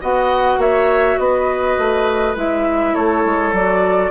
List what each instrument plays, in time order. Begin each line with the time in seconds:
0.00 bassoon B3, clarinet F#4, oboe D#5, flute F#5
0.57 bassoon A#3, oboe C#5, flute E5
1.18 bassoon B3, oboe B4, flute D#5
1.78 bassoon A3
2.35 bassoon G#3, clarinet E4, flute E5
2.94 bassoon A3, oboe A4, flute C#5
3.24 bassoon G#3
3.52 bassoon F#3, clarinet F#4, flute D5